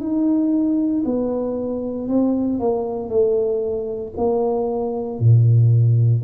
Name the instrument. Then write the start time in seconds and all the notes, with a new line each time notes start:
tuba
0.00 D#4
1.05 B3
2.08 C4
2.60 A#3
3.09 A3
4.17 A#3
5.19 A#2